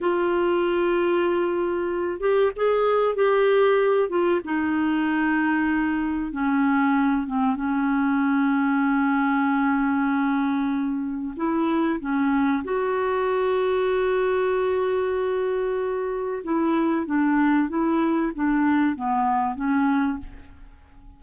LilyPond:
\new Staff \with { instrumentName = "clarinet" } { \time 4/4 \tempo 4 = 95 f'2.~ f'8 g'8 | gis'4 g'4. f'8 dis'4~ | dis'2 cis'4. c'8 | cis'1~ |
cis'2 e'4 cis'4 | fis'1~ | fis'2 e'4 d'4 | e'4 d'4 b4 cis'4 | }